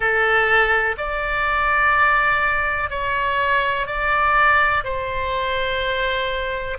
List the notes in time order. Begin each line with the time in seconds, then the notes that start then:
0.00 A4
0.97 D5
2.90 C#5
3.86 D5
4.83 C5